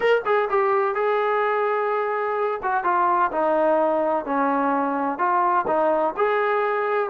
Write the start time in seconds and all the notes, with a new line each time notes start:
0.00 A#4
0.25 G#4
0.49 G4
0.94 G#4
2.62 F#4
2.84 F4
3.31 D#4
4.25 C#4
5.18 F4
5.67 D#4
6.17 G#4